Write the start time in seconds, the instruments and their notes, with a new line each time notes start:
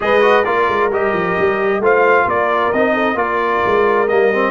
0.00 tuba G#3, trombone G#4, horn B4, trumpet D#5
0.21 trombone F#4
0.44 tuba A#3, trombone F4, horn A#4, trumpet D5
0.68 tuba G#3
0.90 tuba G3, trombone G4, trumpet D#5
1.13 tuba F3
1.38 tuba G3
1.79 tuba A3, trombone F4, horn C5, trumpet F5
2.24 tuba A#3, horn A#4, trumpet D5
2.72 tuba C4, trombone D#4, trumpet D#5
2.93 horn A4
3.14 tuba A#3, trombone F4, horn A#4, trumpet D5
3.66 tuba G#3
4.08 tuba G3, trombone A#3, trumpet D#5
4.32 trombone C4